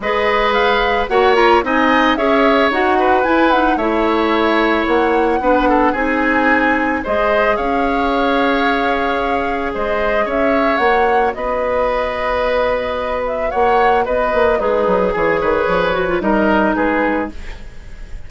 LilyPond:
<<
  \new Staff \with { instrumentName = "flute" } { \time 4/4 \tempo 4 = 111 dis''4 f''4 fis''8 ais''8 gis''4 | e''4 fis''4 gis''8 fis''8 e''4~ | e''4 fis''2 gis''4~ | gis''4 dis''4 f''2~ |
f''2 dis''4 e''4 | fis''4 dis''2.~ | dis''8 e''8 fis''4 dis''4 b'4 | cis''2 dis''4 b'4 | }
  \new Staff \with { instrumentName = "oboe" } { \time 4/4 b'2 cis''4 dis''4 | cis''4. b'4. cis''4~ | cis''2 b'8 a'8 gis'4~ | gis'4 c''4 cis''2~ |
cis''2 c''4 cis''4~ | cis''4 b'2.~ | b'4 cis''4 b'4 dis'4 | gis'8 b'4. ais'4 gis'4 | }
  \new Staff \with { instrumentName = "clarinet" } { \time 4/4 gis'2 fis'8 f'8 dis'4 | gis'4 fis'4 e'8 dis'8 e'4~ | e'2 d'4 dis'4~ | dis'4 gis'2.~ |
gis'1 | fis'1~ | fis'2. gis'4~ | gis'4. fis'16 f'16 dis'2 | }
  \new Staff \with { instrumentName = "bassoon" } { \time 4/4 gis2 ais4 c'4 | cis'4 dis'4 e'4 a4~ | a4 ais4 b4 c'4~ | c'4 gis4 cis'2~ |
cis'2 gis4 cis'4 | ais4 b2.~ | b4 ais4 b8 ais8 gis8 fis8 | e8 dis8 f4 g4 gis4 | }
>>